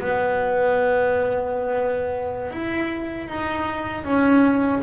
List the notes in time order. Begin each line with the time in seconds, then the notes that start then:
0.00 B3
2.51 E4
3.28 D#4
4.05 C#4